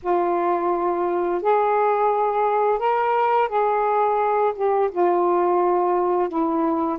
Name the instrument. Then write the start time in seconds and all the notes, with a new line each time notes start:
saxophone
0.02 F4
1.42 G#4
2.78 A#4
3.48 G#4
4.55 G4
4.91 F4
6.28 E4